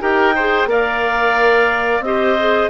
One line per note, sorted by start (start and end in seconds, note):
0.00 0.65 D#4
0.00 0.34 G4
0.00 0.35 A#4
0.00 0.69 G5
0.35 0.68 G#4
0.35 0.69 C5
0.65 1.99 A#3
0.65 2.03 A#4
0.65 2.04 D5
0.65 2.03 F5
1.99 2.67 C4
1.99 2.38 G4
1.99 2.70 D#5
2.06 2.70 C5
2.39 2.70 G#4